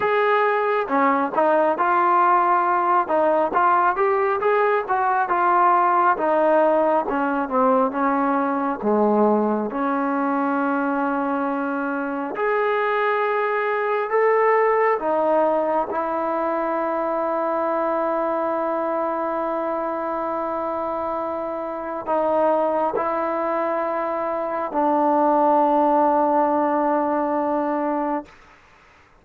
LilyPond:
\new Staff \with { instrumentName = "trombone" } { \time 4/4 \tempo 4 = 68 gis'4 cis'8 dis'8 f'4. dis'8 | f'8 g'8 gis'8 fis'8 f'4 dis'4 | cis'8 c'8 cis'4 gis4 cis'4~ | cis'2 gis'2 |
a'4 dis'4 e'2~ | e'1~ | e'4 dis'4 e'2 | d'1 | }